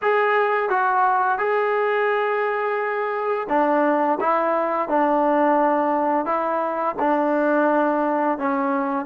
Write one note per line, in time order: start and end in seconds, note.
0.02 0.69 G#4
0.69 1.38 F#4
1.38 3.47 G#4
3.49 4.19 D4
4.20 4.88 E4
4.88 6.25 D4
6.25 6.95 E4
6.99 8.38 D4
8.38 9.05 C#4